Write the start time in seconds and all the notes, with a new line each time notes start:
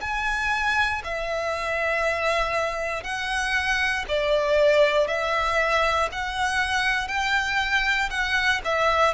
0.00 G#5
1.04 E5
3.03 F#5
4.08 D5
5.07 E5
6.12 F#5
7.07 G5
8.10 F#5
8.64 E5